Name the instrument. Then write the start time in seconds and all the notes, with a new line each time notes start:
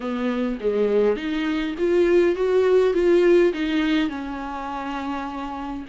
viola
0.00 B3
0.60 G#3
1.16 D#4
1.78 F4
2.35 F#4
2.93 F4
3.53 D#4
4.09 C#4